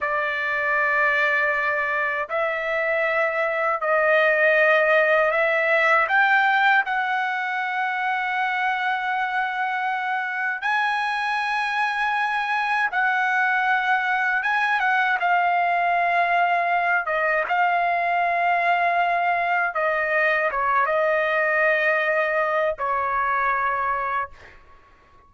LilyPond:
\new Staff \with { instrumentName = "trumpet" } { \time 4/4 \tempo 4 = 79 d''2. e''4~ | e''4 dis''2 e''4 | g''4 fis''2.~ | fis''2 gis''2~ |
gis''4 fis''2 gis''8 fis''8 | f''2~ f''8 dis''8 f''4~ | f''2 dis''4 cis''8 dis''8~ | dis''2 cis''2 | }